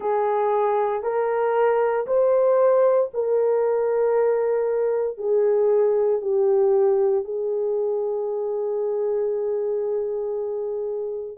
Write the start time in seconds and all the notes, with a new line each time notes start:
0.00 G#4
1.03 A#4
2.06 C5
3.13 A#4
5.17 G#4
6.21 G4
7.24 G#4